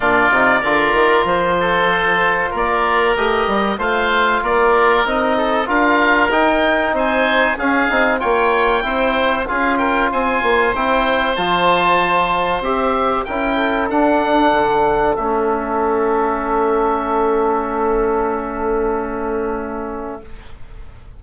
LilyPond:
<<
  \new Staff \with { instrumentName = "oboe" } { \time 4/4 \tempo 4 = 95 d''2 c''2 | d''4 dis''4 f''4 d''4 | dis''4 f''4 g''4 gis''4 | f''4 g''2 f''8 g''8 |
gis''4 g''4 a''2 | e''4 g''4 fis''2 | e''1~ | e''1 | }
  \new Staff \with { instrumentName = "oboe" } { \time 4/4 f'4 ais'4. a'4. | ais'2 c''4 ais'4~ | ais'8 a'8 ais'2 c''4 | gis'4 cis''4 c''4 gis'8 ais'8 |
c''1~ | c''4 ais'8 a'2~ a'8~ | a'1~ | a'1 | }
  \new Staff \with { instrumentName = "trombone" } { \time 4/4 d'8 dis'8 f'2.~ | f'4 g'4 f'2 | dis'4 f'4 dis'2 | cis'8 dis'8 f'4 e'4 f'4~ |
f'4 e'4 f'2 | g'4 e'4 d'2 | cis'1~ | cis'1 | }
  \new Staff \with { instrumentName = "bassoon" } { \time 4/4 ais,8 c8 d8 dis8 f2 | ais4 a8 g8 a4 ais4 | c'4 d'4 dis'4 c'4 | cis'8 c'8 ais4 c'4 cis'4 |
c'8 ais8 c'4 f2 | c'4 cis'4 d'4 d4 | a1~ | a1 | }
>>